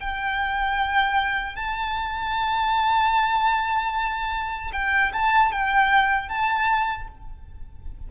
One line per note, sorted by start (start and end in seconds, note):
0.00 1.56 G5
1.56 4.72 A5
4.73 5.12 G5
5.13 5.52 A5
5.52 6.29 G5
6.29 7.08 A5